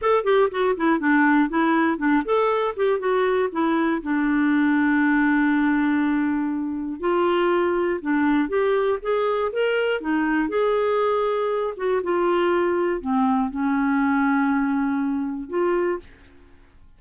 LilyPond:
\new Staff \with { instrumentName = "clarinet" } { \time 4/4 \tempo 4 = 120 a'8 g'8 fis'8 e'8 d'4 e'4 | d'8 a'4 g'8 fis'4 e'4 | d'1~ | d'2 f'2 |
d'4 g'4 gis'4 ais'4 | dis'4 gis'2~ gis'8 fis'8 | f'2 c'4 cis'4~ | cis'2. f'4 | }